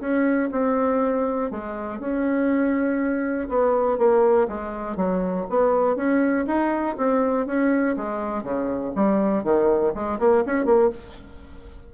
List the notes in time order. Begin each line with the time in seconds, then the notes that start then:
0.00 C#4
0.52 C4
1.51 G#3
2.00 C#4
3.49 B3
3.98 A#3
4.48 G#3
4.97 F#3
5.50 B3
5.96 C#4
6.47 D#4
6.97 C4
7.47 C#4
7.97 G#3
8.43 C#3
8.95 G3
9.44 D#3
9.94 G#3
10.19 A#3
10.46 C#4
10.65 A#3